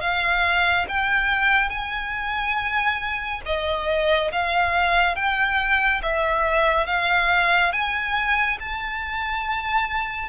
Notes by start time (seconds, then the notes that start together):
0.00 F5
0.88 G5
1.69 G#5
3.45 D#5
4.31 F5
5.15 G5
6.02 E5
6.86 F5
7.72 G#5
8.59 A5